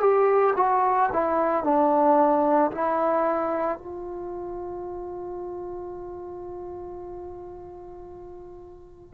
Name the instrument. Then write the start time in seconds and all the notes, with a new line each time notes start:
trombone
0.00 G4
0.56 F#4
1.12 E4
1.64 D4
2.71 E4
3.78 F4